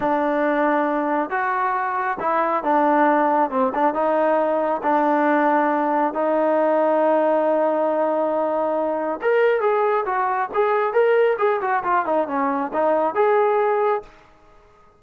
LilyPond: \new Staff \with { instrumentName = "trombone" } { \time 4/4 \tempo 4 = 137 d'2. fis'4~ | fis'4 e'4 d'2 | c'8 d'8 dis'2 d'4~ | d'2 dis'2~ |
dis'1~ | dis'4 ais'4 gis'4 fis'4 | gis'4 ais'4 gis'8 fis'8 f'8 dis'8 | cis'4 dis'4 gis'2 | }